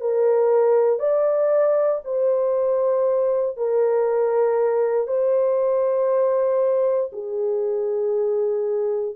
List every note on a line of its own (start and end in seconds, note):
0.00 0.99 A#4
0.99 2.01 D5
2.04 3.56 C5
3.56 5.07 A#4
5.07 7.10 C5
7.12 9.15 G#4